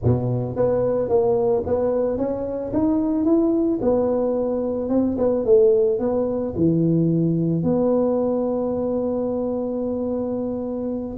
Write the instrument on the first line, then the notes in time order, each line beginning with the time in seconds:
tuba
0.03 B2
0.56 B3
1.08 A#3
1.66 B3
2.17 C#4
2.73 D#4
3.25 E4
3.81 B3
4.89 C4
5.18 B3
5.45 A3
5.99 B3
6.56 E3
7.63 B3